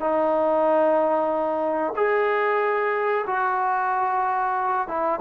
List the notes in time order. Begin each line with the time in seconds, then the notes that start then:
0.00 D#4
1.96 G#4
3.27 F#4
4.88 E4